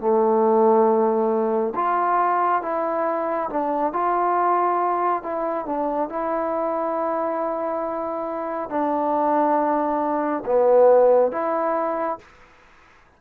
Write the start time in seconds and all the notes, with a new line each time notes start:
0.00 A3
1.75 F4
2.62 E4
3.50 D4
3.93 F4
5.23 E4
5.66 D4
6.09 E4
8.70 D4
10.46 B3
11.32 E4